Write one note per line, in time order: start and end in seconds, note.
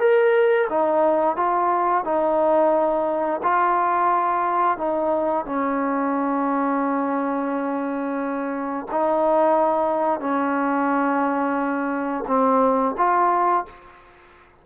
0.00 0.68 A#4
0.70 1.37 D#4
1.37 2.05 F4
2.05 3.41 D#4
3.43 4.78 F4
4.78 5.46 D#4
5.46 8.87 C#4
8.91 10.20 D#4
10.20 12.25 C#4
12.28 12.96 C4
12.98 13.66 F4